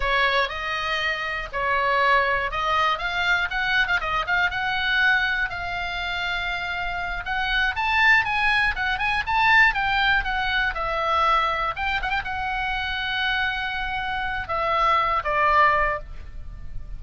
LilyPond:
\new Staff \with { instrumentName = "oboe" } { \time 4/4 \tempo 4 = 120 cis''4 dis''2 cis''4~ | cis''4 dis''4 f''4 fis''8. f''16 | dis''8 f''8 fis''2 f''4~ | f''2~ f''8 fis''4 a''8~ |
a''8 gis''4 fis''8 gis''8 a''4 g''8~ | g''8 fis''4 e''2 g''8 | fis''16 g''16 fis''2.~ fis''8~ | fis''4 e''4. d''4. | }